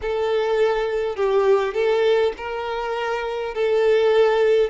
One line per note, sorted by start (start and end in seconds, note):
0.01 1.16 A4
1.16 1.74 G4
1.74 2.33 A4
2.37 3.54 A#4
3.54 4.70 A4